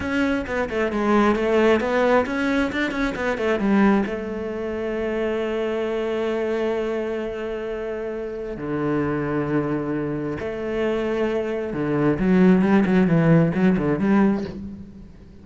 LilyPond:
\new Staff \with { instrumentName = "cello" } { \time 4/4 \tempo 4 = 133 cis'4 b8 a8 gis4 a4 | b4 cis'4 d'8 cis'8 b8 a8 | g4 a2.~ | a1~ |
a2. d4~ | d2. a4~ | a2 d4 fis4 | g8 fis8 e4 fis8 d8 g4 | }